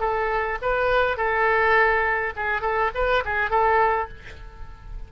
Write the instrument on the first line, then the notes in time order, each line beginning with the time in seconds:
oboe
0.00 A4
0.62 B4
1.17 A4
2.36 G#4
2.61 A4
2.95 B4
3.25 G#4
3.50 A4